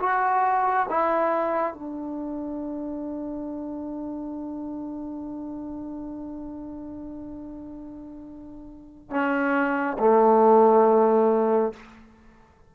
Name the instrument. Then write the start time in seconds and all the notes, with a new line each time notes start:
trombone
0.00 F#4
0.90 E4
1.74 D4
9.11 C#4
9.99 A3